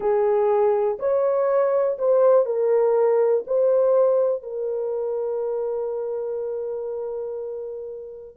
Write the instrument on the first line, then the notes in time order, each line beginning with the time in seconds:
horn
0.00 G#4
0.99 C#5
1.98 C5
2.45 A#4
3.46 C5
4.43 A#4